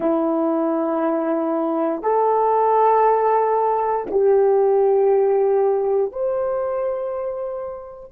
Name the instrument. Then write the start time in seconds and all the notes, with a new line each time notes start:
horn
0.00 E4
2.02 A4
4.10 G4
6.12 C5